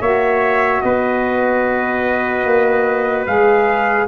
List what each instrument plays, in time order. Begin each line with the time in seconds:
0.00 tuba A#3, saxophone F#4, trumpet C#5 E5
0.81 tuba B3, trumpet B4 D#5
2.45 tuba A#3
3.26 tuba G#3, saxophone G#4, trumpet F5